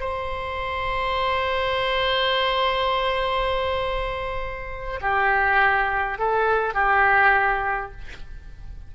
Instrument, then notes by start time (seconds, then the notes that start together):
oboe
0.00 C5
5.01 G4
6.18 A4
6.74 G4